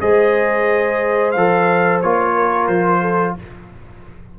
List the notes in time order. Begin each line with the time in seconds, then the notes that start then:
0.00 G#3 G#4 C5 D#5
1.32 F3 A4 F5
2.02 A#3 F4 C#5
2.35 A#4
2.67 F3 C5
3.01 A4